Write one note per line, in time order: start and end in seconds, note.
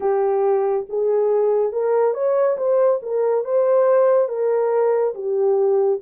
0.00 0.86 G4
0.89 1.72 G#4
1.72 2.14 A#4
2.14 2.56 C#5
2.57 3.00 C5
3.02 3.44 A#4
3.44 4.28 C5
4.28 5.14 A#4
5.14 6.00 G4